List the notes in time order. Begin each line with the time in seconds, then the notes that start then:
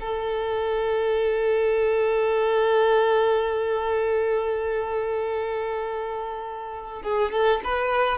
0.00 A4
7.02 G#4
7.32 A4
7.64 B4